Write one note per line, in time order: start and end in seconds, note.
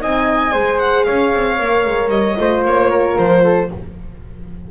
0.00 0.54 C4
0.00 0.52 D#4
0.00 0.52 D#5
0.00 0.79 G#5
0.52 1.07 G#3
0.52 1.57 G#4
0.52 1.05 C5
0.79 1.04 F#5
1.04 1.34 C#4
1.04 2.38 C#5
1.04 2.09 F5
1.34 1.60 C4
1.59 1.86 A#3
1.59 2.37 A#4
1.86 2.09 G#3
2.09 2.35 G3
2.09 2.63 D#5
2.37 2.65 A3
2.37 3.68 F4
2.37 2.90 C5
2.65 3.17 A#3
2.65 3.18 C#5
2.90 3.43 A#4
3.18 3.71 F3
3.18 3.71 C5
3.44 3.70 A4